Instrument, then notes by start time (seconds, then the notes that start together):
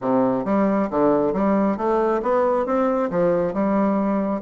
bassoon
0.01 C3
0.45 G3
0.90 D3
1.33 G3
1.77 A3
2.22 B3
2.66 C4
3.10 F3
3.53 G3